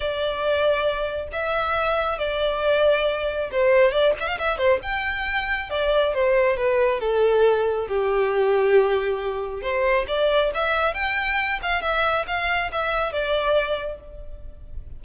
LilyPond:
\new Staff \with { instrumentName = "violin" } { \time 4/4 \tempo 4 = 137 d''2. e''4~ | e''4 d''2. | c''4 d''8 e''16 f''16 e''8 c''8 g''4~ | g''4 d''4 c''4 b'4 |
a'2 g'2~ | g'2 c''4 d''4 | e''4 g''4. f''8 e''4 | f''4 e''4 d''2 | }